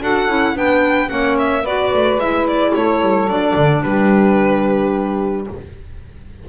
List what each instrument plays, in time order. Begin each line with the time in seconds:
0.00 double bass D4, clarinet F#4, saxophone A4, violin F#5
0.28 double bass C#4, clarinet E4
0.55 double bass B3, clarinet D4, saxophone B4, violin G5
1.08 double bass A#3, clarinet C#4, saxophone C#5, violin F#5
1.39 violin E5
1.63 double bass B3, clarinet F#4, saxophone B4, violin D5
1.94 double bass A3
2.18 double bass G#3, clarinet E4, violin E5
2.48 violin D5
2.75 double bass A3, saxophone A4, violin C#5
3.01 double bass G3
3.27 double bass F#3, clarinet D4, violin D5
3.56 double bass D3
3.83 double bass G3, saxophone G4, violin B4